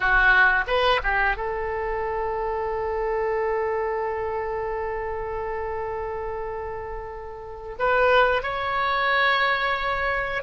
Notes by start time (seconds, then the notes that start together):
0.00 F#4
0.67 B4
1.03 G4
1.36 A4
7.78 B4
8.43 C#5